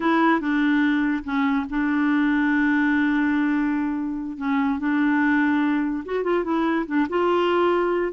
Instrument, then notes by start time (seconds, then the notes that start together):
clarinet
0.00 E4
0.40 D4
1.24 C#4
1.69 D4
4.37 C#4
4.79 D4
6.05 F#4
6.23 F4
6.44 E4
6.86 D4
7.09 F4